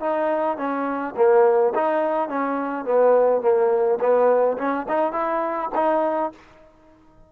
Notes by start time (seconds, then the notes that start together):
0.00 D#4
0.57 C#4
1.16 A#3
1.75 D#4
2.29 C#4
2.85 B3
3.41 A#3
4.00 B3
4.57 C#4
4.88 D#4
5.12 E4
5.75 D#4